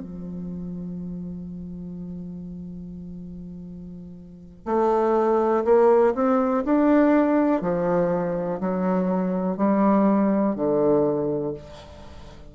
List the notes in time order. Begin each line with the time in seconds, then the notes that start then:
0.00 F3
4.66 A3
5.65 A#3
6.15 C4
6.66 D4
7.62 F3
8.61 F#3
9.58 G3
10.56 D3